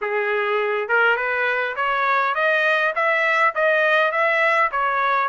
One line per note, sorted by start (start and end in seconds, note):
0.01 0.88 G#4
0.88 1.16 A#4
1.16 1.75 B4
1.76 2.34 C#5
2.34 2.93 D#5
2.95 3.53 E5
3.55 4.11 D#5
4.11 4.70 E5
4.71 5.28 C#5